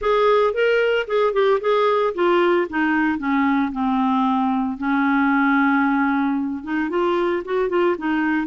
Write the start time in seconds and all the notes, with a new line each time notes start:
0.01 G#4
0.53 A#4
1.07 G#4
1.33 G4
1.60 G#4
2.14 F4
2.69 D#4
3.18 C#4
3.72 C4
4.77 C#4
6.63 D#4
6.89 F4
7.44 F#4
7.69 F4
7.98 D#4